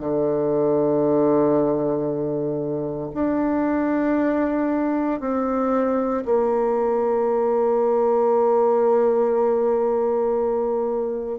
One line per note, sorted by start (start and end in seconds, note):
0.00 3.10 D3
3.15 5.21 D4
5.21 6.24 C4
6.25 11.39 A#3